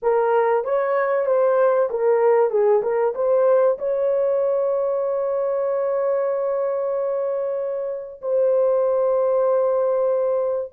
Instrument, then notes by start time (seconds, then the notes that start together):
horn
0.02 A#4
0.64 C#5
1.26 C5
1.90 A#4
2.50 G#4
2.82 A#4
3.14 C5
3.78 C#5
8.21 C5